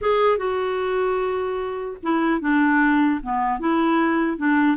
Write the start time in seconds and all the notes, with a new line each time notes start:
0.01 G#4
0.37 F#4
2.02 E4
2.41 D4
3.22 B3
3.59 E4
4.37 D4